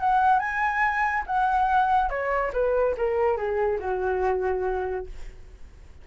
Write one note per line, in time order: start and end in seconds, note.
0.00 0.39 F#5
0.39 1.24 G#5
1.27 2.10 F#5
2.10 2.52 C#5
2.53 2.95 B4
2.97 3.37 A#4
3.37 3.79 G#4
3.80 5.06 F#4